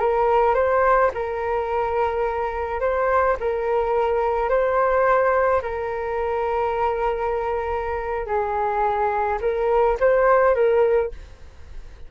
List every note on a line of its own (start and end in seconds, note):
0.00 0.55 A#4
0.55 1.11 C5
1.14 2.81 A#4
2.81 3.37 C5
3.40 4.50 A#4
4.50 5.62 C5
5.63 8.27 A#4
8.27 9.39 G#4
9.42 9.98 A#4
10.00 10.55 C5
10.55 11.12 A#4